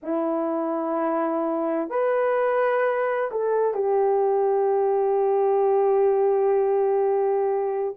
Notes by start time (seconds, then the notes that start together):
0.03 E4
1.89 B4
3.31 A4
3.73 G4